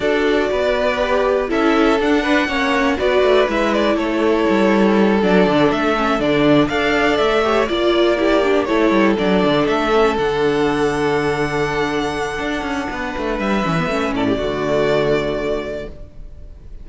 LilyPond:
<<
  \new Staff \with { instrumentName = "violin" } { \time 4/4 \tempo 4 = 121 d''2. e''4 | fis''2 d''4 e''8 d''8 | cis''2~ cis''8 d''4 e''8~ | e''8 d''4 f''4 e''4 d''8~ |
d''4. cis''4 d''4 e''8~ | e''8 fis''2.~ fis''8~ | fis''2. e''4~ | e''8 d''2.~ d''8 | }
  \new Staff \with { instrumentName = "violin" } { \time 4/4 a'4 b'2 a'4~ | a'8 b'8 cis''4 b'2 | a'1~ | a'4. d''4. cis''8 d''8~ |
d''8 g'4 a'2~ a'8~ | a'1~ | a'2 b'2~ | b'8 a'16 g'16 fis'2. | }
  \new Staff \with { instrumentName = "viola" } { \time 4/4 fis'2 g'4 e'4 | d'4 cis'4 fis'4 e'4~ | e'2~ e'8 d'4. | cis'8 d'4 a'4. g'8 f'8~ |
f'8 e'8 d'8 e'4 d'4. | cis'8 d'2.~ d'8~ | d'2.~ d'8 cis'16 b16 | cis'4 a2. | }
  \new Staff \with { instrumentName = "cello" } { \time 4/4 d'4 b2 cis'4 | d'4 ais4 b8 a8 gis4 | a4 g4. fis8 d8 a8~ | a8 d4 d'4 a4 ais8~ |
ais4. a8 g8 fis8 d8 a8~ | a8 d2.~ d8~ | d4 d'8 cis'8 b8 a8 g8 e8 | a8 a,8 d2. | }
>>